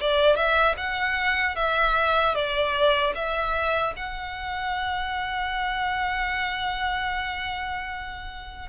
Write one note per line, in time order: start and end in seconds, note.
0.00 0.36 D5
0.36 0.75 E5
0.77 1.55 F#5
1.55 2.34 E5
2.35 3.14 D5
3.14 3.93 E5
3.96 8.68 F#5